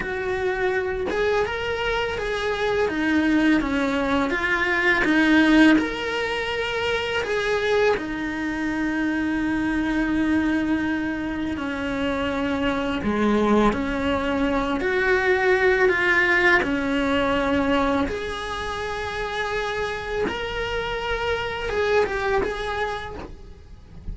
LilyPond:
\new Staff \with { instrumentName = "cello" } { \time 4/4 \tempo 4 = 83 fis'4. gis'8 ais'4 gis'4 | dis'4 cis'4 f'4 dis'4 | ais'2 gis'4 dis'4~ | dis'1 |
cis'2 gis4 cis'4~ | cis'8 fis'4. f'4 cis'4~ | cis'4 gis'2. | ais'2 gis'8 g'8 gis'4 | }